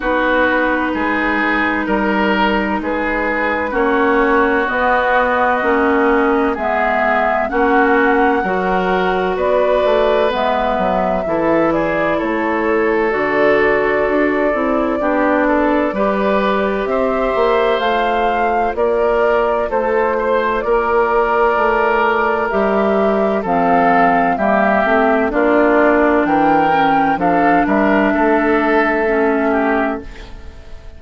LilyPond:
<<
  \new Staff \with { instrumentName = "flute" } { \time 4/4 \tempo 4 = 64 b'2 ais'4 b'4 | cis''4 dis''2 e''4 | fis''2 d''4 e''4~ | e''8 d''8 cis''4 d''2~ |
d''2 e''4 f''4 | d''4 c''4 d''2 | e''4 f''4 e''4 d''4 | g''4 f''8 e''2~ e''8 | }
  \new Staff \with { instrumentName = "oboe" } { \time 4/4 fis'4 gis'4 ais'4 gis'4 | fis'2. gis'4 | fis'4 ais'4 b'2 | a'8 gis'8 a'2. |
g'8 a'8 b'4 c''2 | ais'4 a'8 c''8 ais'2~ | ais'4 a'4 g'4 f'4 | ais'4 a'8 ais'8 a'4. g'8 | }
  \new Staff \with { instrumentName = "clarinet" } { \time 4/4 dis'1 | cis'4 b4 cis'4 b4 | cis'4 fis'2 b4 | e'2 fis'4. e'8 |
d'4 g'2 f'4~ | f'1 | g'4 c'4 ais8 c'8 d'4~ | d'8 cis'8 d'2 cis'4 | }
  \new Staff \with { instrumentName = "bassoon" } { \time 4/4 b4 gis4 g4 gis4 | ais4 b4 ais4 gis4 | ais4 fis4 b8 a8 gis8 fis8 | e4 a4 d4 d'8 c'8 |
b4 g4 c'8 ais8 a4 | ais4 a4 ais4 a4 | g4 f4 g8 a8 ais4 | e4 f8 g8 a2 | }
>>